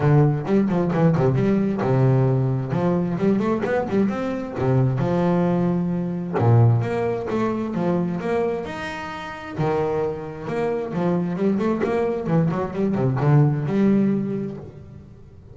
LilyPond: \new Staff \with { instrumentName = "double bass" } { \time 4/4 \tempo 4 = 132 d4 g8 f8 e8 c8 g4 | c2 f4 g8 a8 | b8 g8 c'4 c4 f4~ | f2 ais,4 ais4 |
a4 f4 ais4 dis'4~ | dis'4 dis2 ais4 | f4 g8 a8 ais4 e8 fis8 | g8 c8 d4 g2 | }